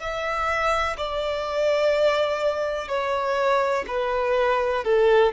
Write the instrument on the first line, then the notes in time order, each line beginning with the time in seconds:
violin
0.00 E5
0.98 D5
2.89 C#5
3.88 B4
4.85 A4